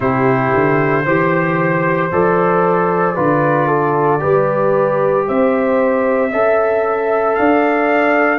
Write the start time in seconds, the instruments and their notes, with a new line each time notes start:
0.00 tuba C3, trombone E4, horn G4, trumpet C5
0.54 tuba D3
1.05 tuba E3, trombone G4, horn C5
2.11 tuba F3, trombone A4, trumpet D5
3.14 tuba D3, trombone F4, horn B4
3.67 horn A4
4.19 tuba G3, trombone G4, horn B4
5.27 tuba C4, horn C5, trumpet E5
6.31 tuba C#4, trombone A4, horn E5
7.35 tuba D4, horn D5, trumpet F5